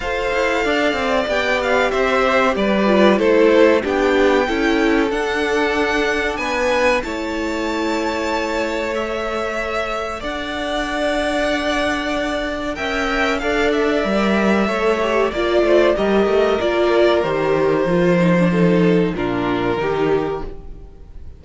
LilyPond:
<<
  \new Staff \with { instrumentName = "violin" } { \time 4/4 \tempo 4 = 94 f''2 g''8 f''8 e''4 | d''4 c''4 g''2 | fis''2 gis''4 a''4~ | a''2 e''2 |
fis''1 | g''4 f''8 e''2~ e''8 | d''4 dis''4 d''4 c''4~ | c''2 ais'2 | }
  \new Staff \with { instrumentName = "violin" } { \time 4/4 c''4 d''2 c''4 | b'4 a'4 g'4 a'4~ | a'2 b'4 cis''4~ | cis''1 |
d''1 | e''4 d''2 cis''4 | d''8 c''8 ais'2.~ | ais'4 a'4 f'4 g'4 | }
  \new Staff \with { instrumentName = "viola" } { \time 4/4 a'2 g'2~ | g'8 f'8 e'4 d'4 e'4 | d'2. e'4~ | e'2 a'2~ |
a'1 | ais'4 a'4 ais'4 a'8 g'8 | f'4 g'4 f'4 g'4 | f'8 dis'16 d'16 dis'4 d'4 dis'4 | }
  \new Staff \with { instrumentName = "cello" } { \time 4/4 f'8 e'8 d'8 c'8 b4 c'4 | g4 a4 b4 cis'4 | d'2 b4 a4~ | a1 |
d'1 | cis'4 d'4 g4 a4 | ais8 a8 g8 a8 ais4 dis4 | f2 ais,4 dis4 | }
>>